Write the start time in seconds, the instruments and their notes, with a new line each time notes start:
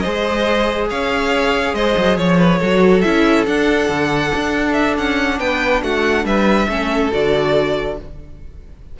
0.00 viola G#4, violin C5 D#5
0.06 cello G#3
0.90 cello C#4, violin C#5 F5
1.74 cello G#3, violin C5 D#5
1.98 cello F#3
2.18 cello F3, violin C#5
2.39 violin B4
2.59 cello F#3, viola F#4, violin A4
3.02 cello C#4, viola E4, violin E5
3.47 cello D4, viola D4, violin F#5
3.89 cello D3
4.36 cello D4
4.73 violin E5
4.98 cello C#4, violin F#5
5.39 cello B3, violin B4 G5
5.83 cello A3, violin F#4 F#5
6.25 cello G3, violin B4 E5
6.69 cello A3, viola C#4, violin A4
7.12 cello D3, viola F#4, violin D5